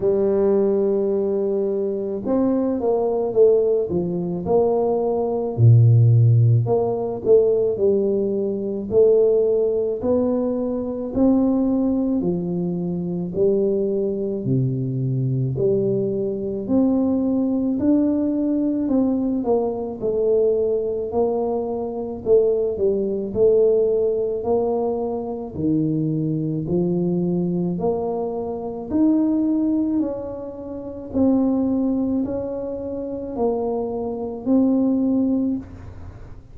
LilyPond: \new Staff \with { instrumentName = "tuba" } { \time 4/4 \tempo 4 = 54 g2 c'8 ais8 a8 f8 | ais4 ais,4 ais8 a8 g4 | a4 b4 c'4 f4 | g4 c4 g4 c'4 |
d'4 c'8 ais8 a4 ais4 | a8 g8 a4 ais4 dis4 | f4 ais4 dis'4 cis'4 | c'4 cis'4 ais4 c'4 | }